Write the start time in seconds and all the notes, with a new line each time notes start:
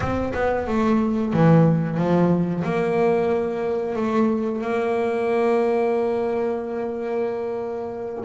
0.00 C4
0.34 B3
0.67 A3
1.33 E3
1.97 F3
2.63 A#3
3.95 A3
4.61 A#3